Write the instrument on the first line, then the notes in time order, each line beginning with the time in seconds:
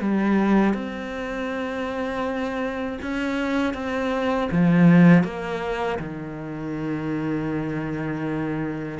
cello
0.00 G3
0.73 C4
3.01 C#4
3.74 C4
4.51 F3
5.23 A#3
5.98 D#3